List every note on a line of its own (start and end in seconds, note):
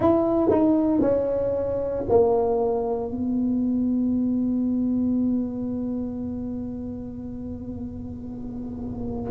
0.00 0.49 E4
0.49 1.01 D#4
1.01 2.04 C#4
2.09 3.11 A#3
3.11 9.31 B3